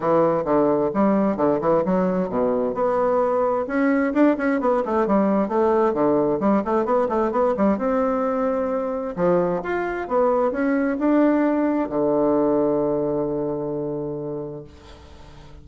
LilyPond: \new Staff \with { instrumentName = "bassoon" } { \time 4/4 \tempo 4 = 131 e4 d4 g4 d8 e8 | fis4 b,4 b2 | cis'4 d'8 cis'8 b8 a8 g4 | a4 d4 g8 a8 b8 a8 |
b8 g8 c'2. | f4 f'4 b4 cis'4 | d'2 d2~ | d1 | }